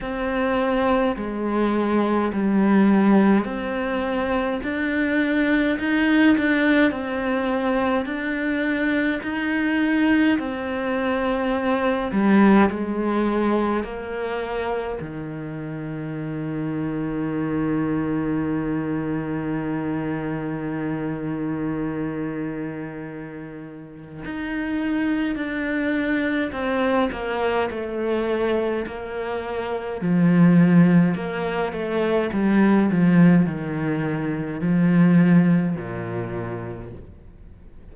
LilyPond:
\new Staff \with { instrumentName = "cello" } { \time 4/4 \tempo 4 = 52 c'4 gis4 g4 c'4 | d'4 dis'8 d'8 c'4 d'4 | dis'4 c'4. g8 gis4 | ais4 dis2.~ |
dis1~ | dis4 dis'4 d'4 c'8 ais8 | a4 ais4 f4 ais8 a8 | g8 f8 dis4 f4 ais,4 | }